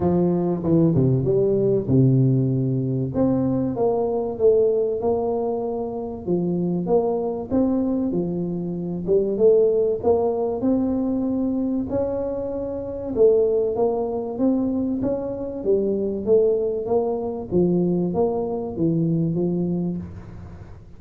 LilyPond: \new Staff \with { instrumentName = "tuba" } { \time 4/4 \tempo 4 = 96 f4 e8 c8 g4 c4~ | c4 c'4 ais4 a4 | ais2 f4 ais4 | c'4 f4. g8 a4 |
ais4 c'2 cis'4~ | cis'4 a4 ais4 c'4 | cis'4 g4 a4 ais4 | f4 ais4 e4 f4 | }